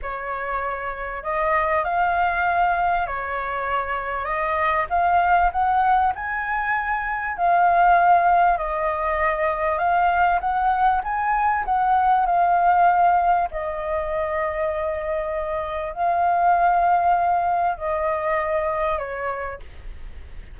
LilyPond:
\new Staff \with { instrumentName = "flute" } { \time 4/4 \tempo 4 = 98 cis''2 dis''4 f''4~ | f''4 cis''2 dis''4 | f''4 fis''4 gis''2 | f''2 dis''2 |
f''4 fis''4 gis''4 fis''4 | f''2 dis''2~ | dis''2 f''2~ | f''4 dis''2 cis''4 | }